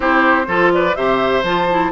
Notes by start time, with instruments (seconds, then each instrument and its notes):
0.00 bassoon C4, clarinet E4, oboe G4, flute C5
0.47 bassoon F3, clarinet F4, oboe A4
0.73 oboe B4, flute D5
0.95 bassoon C3, clarinet G4, oboe C5, flute E5
1.42 bassoon F3, clarinet F4, flute A5
1.70 clarinet E4